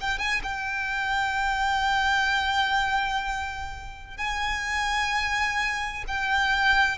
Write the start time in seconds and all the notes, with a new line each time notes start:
0.00 G5
0.18 G#5
0.43 G5
4.17 G#5
6.07 G5